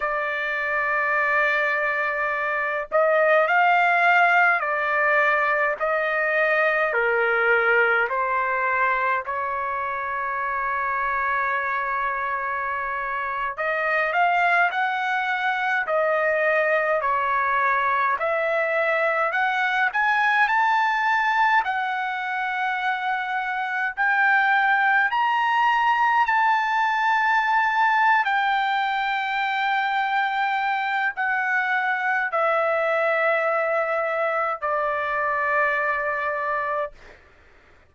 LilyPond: \new Staff \with { instrumentName = "trumpet" } { \time 4/4 \tempo 4 = 52 d''2~ d''8 dis''8 f''4 | d''4 dis''4 ais'4 c''4 | cis''2.~ cis''8. dis''16~ | dis''16 f''8 fis''4 dis''4 cis''4 e''16~ |
e''8. fis''8 gis''8 a''4 fis''4~ fis''16~ | fis''8. g''4 ais''4 a''4~ a''16~ | a''8 g''2~ g''8 fis''4 | e''2 d''2 | }